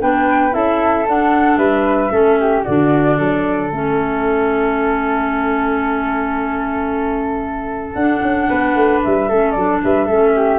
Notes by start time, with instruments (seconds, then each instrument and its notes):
0.00 tuba B3, clarinet D4, flute B4 G5
0.51 tuba C#4, clarinet E4, flute A4 E5
1.07 tuba D4, clarinet D4, flute F#5
1.57 tuba G3, flute B4 E5
2.10 tuba A3, clarinet C#4, flute A4
2.39 flute G4
2.63 tuba D3, clarinet D4, flute F#4 D5
3.17 tuba F#3, flute A4
3.70 tuba A3, clarinet C#4, flute E5
7.93 tuba D4, clarinet D4, flute F#5
8.21 tuba C#4
8.48 tuba B3, flute B4
8.75 tuba A3
9.04 tuba G3, flute E5
9.28 tuba A3, clarinet C#4, flute A4
9.51 tuba F#3, clarinet D4, flute D5
9.84 tuba G3, flute B4 E5
10.05 tuba A3, clarinet C#4, flute A4
10.35 flute G4